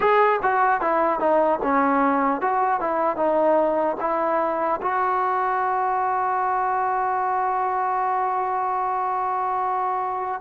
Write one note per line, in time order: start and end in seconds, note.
0.00 0.40 G#4
0.42 0.80 F#4
0.80 1.19 E4
1.19 1.59 D#4
1.62 2.41 C#4
2.41 2.80 F#4
2.80 3.16 E4
3.16 3.96 D#4
4.00 4.80 E4
4.81 10.41 F#4